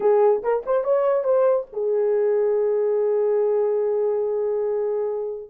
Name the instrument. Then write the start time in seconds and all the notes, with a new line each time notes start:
horn
0.00 G#4
0.42 A#4
0.66 C5
0.84 C#5
1.24 C5
1.72 G#4